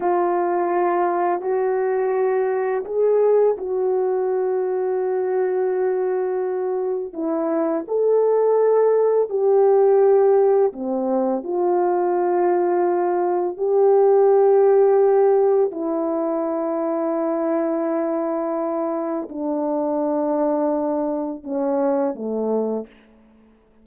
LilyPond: \new Staff \with { instrumentName = "horn" } { \time 4/4 \tempo 4 = 84 f'2 fis'2 | gis'4 fis'2.~ | fis'2 e'4 a'4~ | a'4 g'2 c'4 |
f'2. g'4~ | g'2 e'2~ | e'2. d'4~ | d'2 cis'4 a4 | }